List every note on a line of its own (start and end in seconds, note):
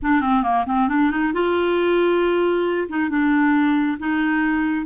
0.02 0.21 D4
0.21 0.43 C4
0.43 0.65 A#3
0.66 0.88 C4
0.88 1.10 D4
1.10 1.33 D#4
1.33 2.88 F4
2.88 3.09 D#4
3.09 3.97 D4
3.99 4.86 D#4